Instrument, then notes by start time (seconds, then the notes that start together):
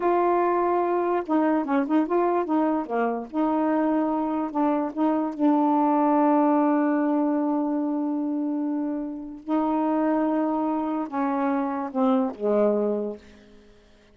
saxophone
0.00 F4
1.26 D#4
1.64 C#4
1.87 D#4
2.06 F4
2.45 D#4
2.86 A#3
3.30 D#4
4.51 D4
4.93 D#4
5.33 D4
9.43 D#4
11.08 C#4
11.91 C4
12.35 G#3